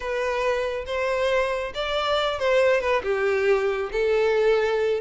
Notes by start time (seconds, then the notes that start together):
0.00 B4
0.86 C5
1.74 D5
2.39 C5
2.80 B4
3.03 G4
3.92 A4